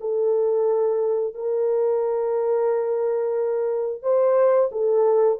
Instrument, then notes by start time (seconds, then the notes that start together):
horn
0.00 A4
1.34 A#4
4.02 C5
4.71 A4